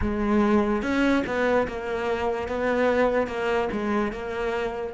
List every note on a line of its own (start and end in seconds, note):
0.01 0.82 G#3
0.82 1.23 C#4
1.26 1.67 B3
1.67 2.47 A#3
2.47 3.27 B3
3.27 3.68 A#3
3.72 4.12 G#3
4.12 4.93 A#3